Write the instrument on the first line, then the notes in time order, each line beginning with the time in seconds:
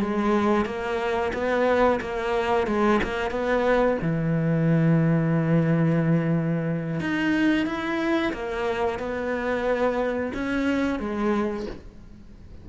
cello
0.00 G#3
0.65 A#3
1.33 B3
2.00 A#3
2.66 G#3
3.03 A#3
3.30 B3
4.02 E3
7.00 D#4
7.66 E4
8.33 A#3
8.98 B3
10.33 C#4
10.99 G#3